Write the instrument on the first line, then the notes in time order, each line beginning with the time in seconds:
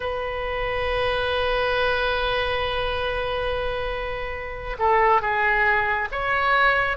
oboe
0.00 B4
4.78 A4
5.21 G#4
6.11 C#5